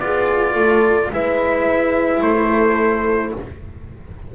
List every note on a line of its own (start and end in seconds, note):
0.00 0.55 B3
0.00 1.13 F4
0.00 0.53 G#4
0.00 1.11 D5
0.53 1.11 A3
0.53 1.09 A4
1.12 2.21 G#3
1.12 3.35 E4
1.12 2.24 B4
1.12 2.22 E5
2.21 3.32 A3
2.21 3.35 A4
2.21 3.34 C5